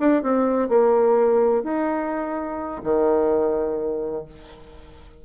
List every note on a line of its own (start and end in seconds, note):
0.00 0.23 D4
0.23 0.69 C4
0.69 1.64 A#3
1.64 2.82 D#4
2.84 4.26 D#3